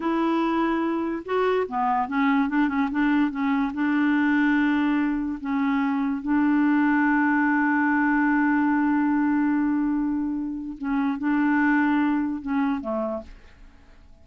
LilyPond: \new Staff \with { instrumentName = "clarinet" } { \time 4/4 \tempo 4 = 145 e'2. fis'4 | b4 cis'4 d'8 cis'8 d'4 | cis'4 d'2.~ | d'4 cis'2 d'4~ |
d'1~ | d'1~ | d'2 cis'4 d'4~ | d'2 cis'4 a4 | }